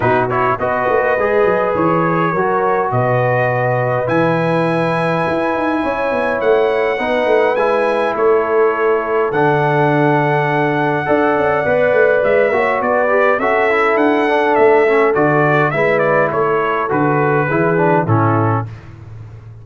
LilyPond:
<<
  \new Staff \with { instrumentName = "trumpet" } { \time 4/4 \tempo 4 = 103 b'8 cis''8 dis''2 cis''4~ | cis''4 dis''2 gis''4~ | gis''2. fis''4~ | fis''4 gis''4 cis''2 |
fis''1~ | fis''4 e''4 d''4 e''4 | fis''4 e''4 d''4 e''8 d''8 | cis''4 b'2 a'4 | }
  \new Staff \with { instrumentName = "horn" } { \time 4/4 fis'4 b'2. | ais'4 b'2.~ | b'2 cis''2 | b'2 a'2~ |
a'2. d''4~ | d''4. cis''8 b'4 a'4~ | a'2. b'4 | a'2 gis'4 e'4 | }
  \new Staff \with { instrumentName = "trombone" } { \time 4/4 dis'8 e'8 fis'4 gis'2 | fis'2. e'4~ | e'1 | dis'4 e'2. |
d'2. a'4 | b'4. fis'4 g'8 fis'8 e'8~ | e'8 d'4 cis'8 fis'4 e'4~ | e'4 fis'4 e'8 d'8 cis'4 | }
  \new Staff \with { instrumentName = "tuba" } { \time 4/4 b,4 b8 ais8 gis8 fis8 e4 | fis4 b,2 e4~ | e4 e'8 dis'8 cis'8 b8 a4 | b8 a8 gis4 a2 |
d2. d'8 cis'8 | b8 a8 gis8 ais8 b4 cis'4 | d'4 a4 d4 gis4 | a4 d4 e4 a,4 | }
>>